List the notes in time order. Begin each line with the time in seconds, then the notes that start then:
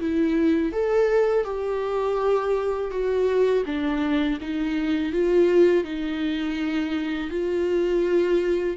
0.00 E4
0.73 A4
1.45 G4
2.91 F#4
3.66 D4
4.41 D#4
5.13 F4
5.84 D#4
7.31 F4